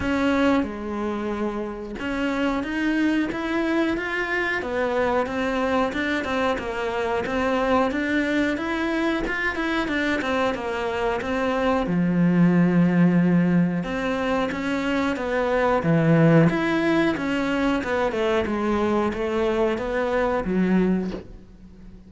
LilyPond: \new Staff \with { instrumentName = "cello" } { \time 4/4 \tempo 4 = 91 cis'4 gis2 cis'4 | dis'4 e'4 f'4 b4 | c'4 d'8 c'8 ais4 c'4 | d'4 e'4 f'8 e'8 d'8 c'8 |
ais4 c'4 f2~ | f4 c'4 cis'4 b4 | e4 e'4 cis'4 b8 a8 | gis4 a4 b4 fis4 | }